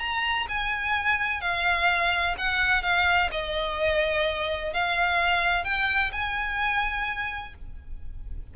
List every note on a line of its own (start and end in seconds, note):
0.00 0.47 A#5
0.49 1.42 G#5
1.42 2.36 F5
2.38 2.83 F#5
2.83 3.30 F5
3.32 4.74 D#5
4.74 5.65 F5
5.65 6.12 G5
6.13 7.54 G#5